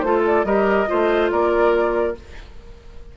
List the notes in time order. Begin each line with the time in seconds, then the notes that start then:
0.00 A3 F4 A4 C5
0.26 D5
0.44 G3 G4 A#4 D#5
0.87 A3 F4 C5
1.31 A#3 A#4 D5